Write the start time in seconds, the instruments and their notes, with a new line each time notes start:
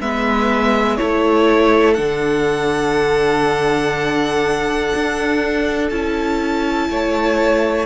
0.00 cello G#3, viola B3, violin B4 E5
0.97 cello A3, viola E4, violin A4 C#5
1.94 cello D3, viola D4, violin F#5
4.95 cello D4
5.89 cello C#4, viola E4, violin A5
6.89 cello A3, violin C#5